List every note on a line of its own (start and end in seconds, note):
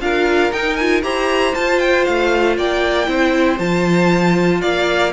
0.00 0.51 D4
0.00 0.52 F4
0.00 1.04 A#4
0.00 0.52 F5
0.52 1.03 D#4
0.52 0.79 D#4
0.52 0.76 G5
0.76 1.03 F4
0.76 1.02 G#5
1.03 1.55 E4
1.03 1.54 G4
1.03 2.58 C5
1.03 1.55 A#5
1.55 3.06 F4
1.55 2.07 F4
1.55 1.79 A5
1.79 2.05 G5
2.05 2.58 A3
2.05 2.56 F5
2.58 3.08 A#3
2.58 3.09 D5
2.58 3.58 G5
3.06 3.59 C4
3.06 3.57 E4
3.06 4.61 C5
3.58 4.62 F3
3.58 5.13 F4
3.58 4.61 A5
4.61 5.13 A#3
4.61 5.13 D5
4.61 5.12 F5